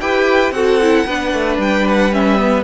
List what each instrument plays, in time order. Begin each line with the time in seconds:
0.00 cello E4, viola G4, violin B4 G5
0.51 cello C4, viola F#4, violin A4 F#5
0.81 viola E4
1.06 cello B3, viola D4, violin B4
1.33 cello A3
1.58 cello G3, violin G5
1.88 violin F#5
2.12 viola C#4, violin E5
2.37 viola B3